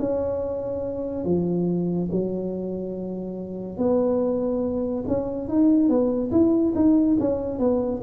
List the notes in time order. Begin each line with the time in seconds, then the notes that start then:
0.00 C#4
1.25 F3
2.12 F#3
3.78 B3
5.08 C#4
5.49 D#4
5.89 B3
6.32 E4
6.76 D#4
7.21 C#4
7.59 B3